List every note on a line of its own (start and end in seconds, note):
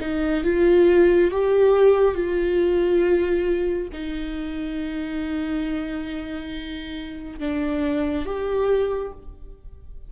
0.00 0.43 D#4
0.44 1.31 F4
1.31 2.15 G4
2.15 3.89 F4
3.92 7.39 D#4
7.39 8.25 D4
8.25 9.12 G4